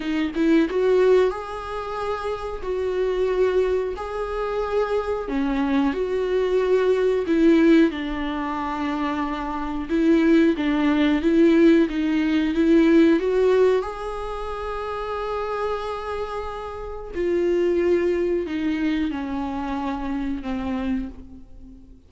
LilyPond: \new Staff \with { instrumentName = "viola" } { \time 4/4 \tempo 4 = 91 dis'8 e'8 fis'4 gis'2 | fis'2 gis'2 | cis'4 fis'2 e'4 | d'2. e'4 |
d'4 e'4 dis'4 e'4 | fis'4 gis'2.~ | gis'2 f'2 | dis'4 cis'2 c'4 | }